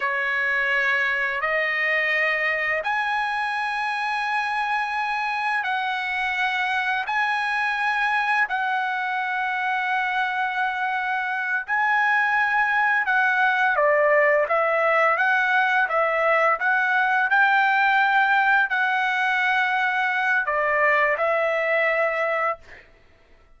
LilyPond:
\new Staff \with { instrumentName = "trumpet" } { \time 4/4 \tempo 4 = 85 cis''2 dis''2 | gis''1 | fis''2 gis''2 | fis''1~ |
fis''8 gis''2 fis''4 d''8~ | d''8 e''4 fis''4 e''4 fis''8~ | fis''8 g''2 fis''4.~ | fis''4 d''4 e''2 | }